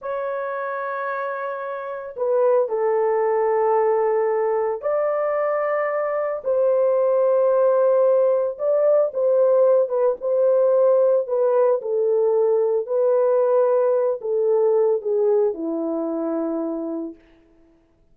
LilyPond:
\new Staff \with { instrumentName = "horn" } { \time 4/4 \tempo 4 = 112 cis''1 | b'4 a'2.~ | a'4 d''2. | c''1 |
d''4 c''4. b'8 c''4~ | c''4 b'4 a'2 | b'2~ b'8 a'4. | gis'4 e'2. | }